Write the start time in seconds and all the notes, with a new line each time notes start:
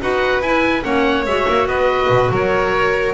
0.00 D#4 F#4 B4 F#5
0.41 E4 G#5
0.82 A#3 C#4 C#5 F#5
1.25 G#3 F#4 E5
1.48 A#3
1.66 B3 B4 D#5
2.09 B2
2.30 F#3 A#4 C#5